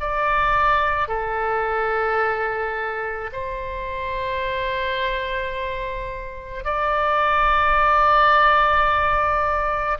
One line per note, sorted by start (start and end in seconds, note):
0.00 1.08 D5
1.08 3.30 A4
3.32 6.65 C5
6.65 9.98 D5